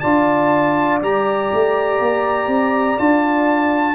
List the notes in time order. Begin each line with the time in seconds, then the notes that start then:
0.00 D4 F4 D5 A5
1.01 G3 G4 A#5
1.53 A3
2.00 A#3
2.47 C4
2.98 D4 F4 A5